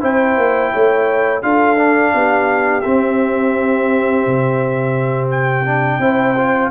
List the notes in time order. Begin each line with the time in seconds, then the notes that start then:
0.00 C4 E4 C5 G5
0.36 A#3
0.72 A3 C#5
1.42 D4 F4 A4 F5
1.76 D4
2.14 B3 G4
2.80 C4 E5
4.26 C3
5.30 G5
5.65 D4
5.99 C4 E4 C5
6.36 F4